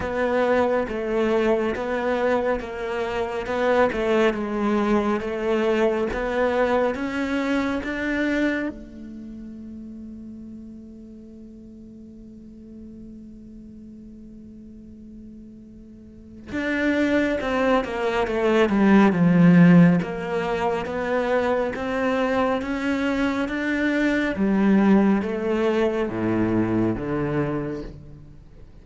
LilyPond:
\new Staff \with { instrumentName = "cello" } { \time 4/4 \tempo 4 = 69 b4 a4 b4 ais4 | b8 a8 gis4 a4 b4 | cis'4 d'4 a2~ | a1~ |
a2. d'4 | c'8 ais8 a8 g8 f4 ais4 | b4 c'4 cis'4 d'4 | g4 a4 a,4 d4 | }